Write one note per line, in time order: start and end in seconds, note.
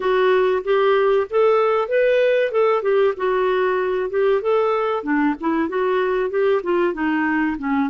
0.00 0.62 F#4
0.64 1.27 G4
1.29 1.88 A4
1.88 2.51 B4
2.51 2.82 A4
2.82 3.14 G4
3.17 4.10 F#4
4.10 4.41 G4
4.41 5.03 A4
5.03 5.35 D4
5.40 5.68 E4
5.68 6.30 F#4
6.30 6.61 G4
6.63 6.93 F4
6.93 7.56 D#4
7.58 7.89 C#4